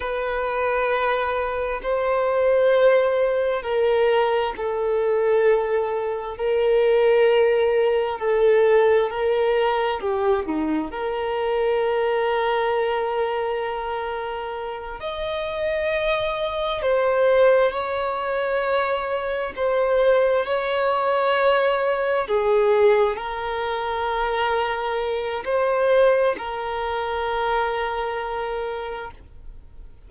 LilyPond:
\new Staff \with { instrumentName = "violin" } { \time 4/4 \tempo 4 = 66 b'2 c''2 | ais'4 a'2 ais'4~ | ais'4 a'4 ais'4 g'8 dis'8 | ais'1~ |
ais'8 dis''2 c''4 cis''8~ | cis''4. c''4 cis''4.~ | cis''8 gis'4 ais'2~ ais'8 | c''4 ais'2. | }